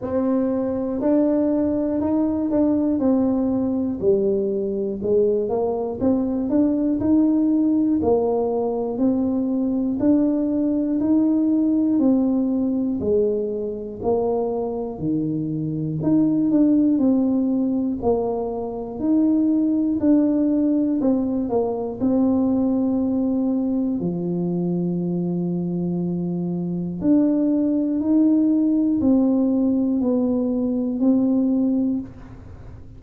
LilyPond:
\new Staff \with { instrumentName = "tuba" } { \time 4/4 \tempo 4 = 60 c'4 d'4 dis'8 d'8 c'4 | g4 gis8 ais8 c'8 d'8 dis'4 | ais4 c'4 d'4 dis'4 | c'4 gis4 ais4 dis4 |
dis'8 d'8 c'4 ais4 dis'4 | d'4 c'8 ais8 c'2 | f2. d'4 | dis'4 c'4 b4 c'4 | }